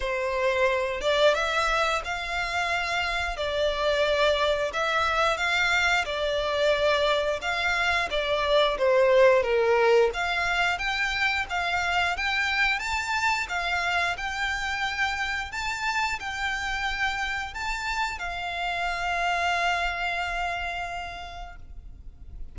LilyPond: \new Staff \with { instrumentName = "violin" } { \time 4/4 \tempo 4 = 89 c''4. d''8 e''4 f''4~ | f''4 d''2 e''4 | f''4 d''2 f''4 | d''4 c''4 ais'4 f''4 |
g''4 f''4 g''4 a''4 | f''4 g''2 a''4 | g''2 a''4 f''4~ | f''1 | }